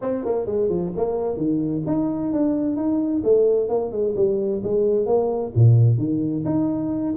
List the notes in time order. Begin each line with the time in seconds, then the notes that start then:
0.01 C4
0.24 A#3
0.46 G#3
0.69 F3
0.96 A#3
1.36 D#3
1.86 D#4
2.32 D4
2.76 D#4
3.23 A3
3.68 A#3
3.91 G#3
4.16 G3
4.63 G#3
5.06 A#3
5.55 A#2
5.98 D#3
6.45 D#4